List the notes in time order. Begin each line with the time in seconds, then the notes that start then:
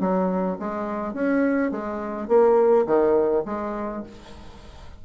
0.00 F#3
0.59 G#3
1.14 C#4
1.71 G#3
2.28 A#3
2.86 D#3
3.45 G#3